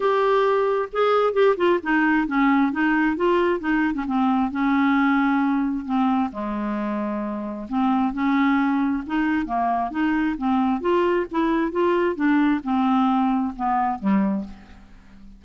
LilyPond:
\new Staff \with { instrumentName = "clarinet" } { \time 4/4 \tempo 4 = 133 g'2 gis'4 g'8 f'8 | dis'4 cis'4 dis'4 f'4 | dis'8. cis'16 c'4 cis'2~ | cis'4 c'4 gis2~ |
gis4 c'4 cis'2 | dis'4 ais4 dis'4 c'4 | f'4 e'4 f'4 d'4 | c'2 b4 g4 | }